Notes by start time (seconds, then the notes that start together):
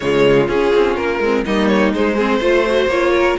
0.00 C#3 G#3 F4 C#5
0.48 C#4 G#4
0.74 C4
0.95 A#3 A#4
1.19 G#3 C4
1.45 G3 A#3 D#4 D#5
1.67 C#5
1.92 G#3 C5
2.16 C4 G#4
2.39 A3 F4 C5
2.66 F#4
2.86 A#3 F4 C#5
3.14 A#4